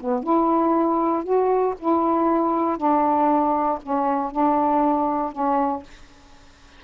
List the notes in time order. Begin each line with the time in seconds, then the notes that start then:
0.00 B3
0.23 E4
1.24 F#4
1.79 E4
2.77 D4
3.83 C#4
4.31 D4
5.32 C#4